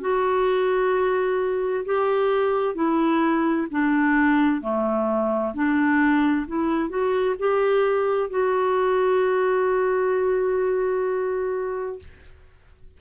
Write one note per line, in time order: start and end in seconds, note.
0.00 1.85 F#4
1.85 2.74 G4
2.74 3.67 E4
3.70 4.61 D4
4.61 5.53 A3
5.54 6.46 D4
6.47 6.89 E4
6.89 7.35 F#4
7.38 8.30 G4
8.30 11.99 F#4